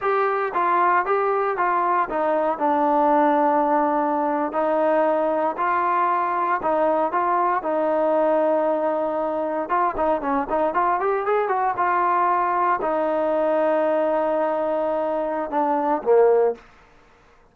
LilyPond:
\new Staff \with { instrumentName = "trombone" } { \time 4/4 \tempo 4 = 116 g'4 f'4 g'4 f'4 | dis'4 d'2.~ | d'8. dis'2 f'4~ f'16~ | f'8. dis'4 f'4 dis'4~ dis'16~ |
dis'2~ dis'8. f'8 dis'8 cis'16~ | cis'16 dis'8 f'8 g'8 gis'8 fis'8 f'4~ f'16~ | f'8. dis'2.~ dis'16~ | dis'2 d'4 ais4 | }